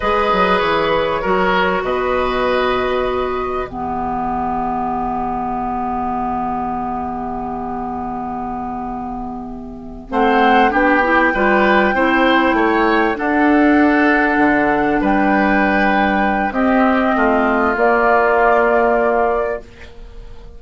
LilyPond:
<<
  \new Staff \with { instrumentName = "flute" } { \time 4/4 \tempo 4 = 98 dis''4 cis''2 dis''4~ | dis''2 e''2~ | e''1~ | e''1~ |
e''8 fis''4 g''2~ g''8~ | g''4. fis''2~ fis''8~ | fis''8 g''2~ g''8 dis''4~ | dis''4 d''2. | }
  \new Staff \with { instrumentName = "oboe" } { \time 4/4 b'2 ais'4 b'4~ | b'2 g'2~ | g'1~ | g'1~ |
g'8 c''4 g'4 b'4 c''8~ | c''8 cis''4 a'2~ a'8~ | a'8 b'2~ b'8 g'4 | f'1 | }
  \new Staff \with { instrumentName = "clarinet" } { \time 4/4 gis'2 fis'2~ | fis'2 b2~ | b1~ | b1~ |
b8 c'4 d'8 e'8 f'4 e'8~ | e'4. d'2~ d'8~ | d'2. c'4~ | c'4 ais2. | }
  \new Staff \with { instrumentName = "bassoon" } { \time 4/4 gis8 fis8 e4 fis4 b,4~ | b,2 e2~ | e1~ | e1~ |
e8 a4 b4 g4 c'8~ | c'8 a4 d'2 d8~ | d8 g2~ g8 c'4 | a4 ais2. | }
>>